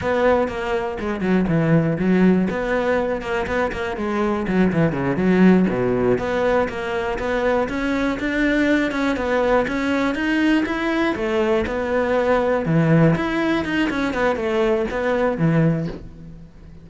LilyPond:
\new Staff \with { instrumentName = "cello" } { \time 4/4 \tempo 4 = 121 b4 ais4 gis8 fis8 e4 | fis4 b4. ais8 b8 ais8 | gis4 fis8 e8 cis8 fis4 b,8~ | b,8 b4 ais4 b4 cis'8~ |
cis'8 d'4. cis'8 b4 cis'8~ | cis'8 dis'4 e'4 a4 b8~ | b4. e4 e'4 dis'8 | cis'8 b8 a4 b4 e4 | }